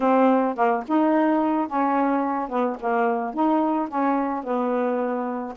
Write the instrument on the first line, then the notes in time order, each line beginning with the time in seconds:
saxophone
0.00 C4
0.55 A#3
0.87 D#4
1.67 C#4
2.48 B3
2.80 A#3
3.34 D#4
3.88 C#4
4.43 B3